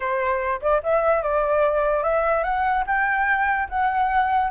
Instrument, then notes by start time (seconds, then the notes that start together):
flute
0.00 C5
0.61 D5
0.83 E5
1.22 D5
2.03 E5
2.43 F#5
2.86 G5
3.69 F#5